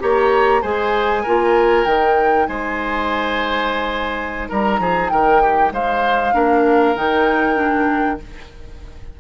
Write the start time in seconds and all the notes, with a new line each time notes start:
0.00 A#3 G4 C#5 A#5
0.62 G#3 G#4 C5 G#5
1.23 A#3 F4 A#4
1.85 D#3 D#4 G5
2.47 G#3 C5 G#5
4.49 G3 A#4 A#5
4.80 F3 G#4
5.10 D#3 A#4 G5
5.42 G4
5.72 G#3 C5 F5
6.34 A#3 D4 A#4
6.95 D#3 D#4 G5
7.56 D4